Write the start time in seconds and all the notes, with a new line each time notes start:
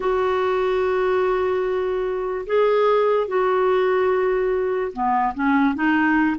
0.00 F#4
2.46 G#4
3.27 F#4
4.92 B3
5.34 C#4
5.74 D#4